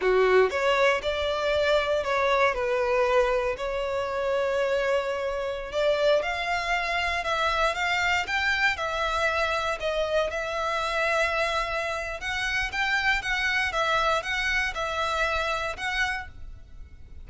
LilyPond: \new Staff \with { instrumentName = "violin" } { \time 4/4 \tempo 4 = 118 fis'4 cis''4 d''2 | cis''4 b'2 cis''4~ | cis''2.~ cis''16 d''8.~ | d''16 f''2 e''4 f''8.~ |
f''16 g''4 e''2 dis''8.~ | dis''16 e''2.~ e''8. | fis''4 g''4 fis''4 e''4 | fis''4 e''2 fis''4 | }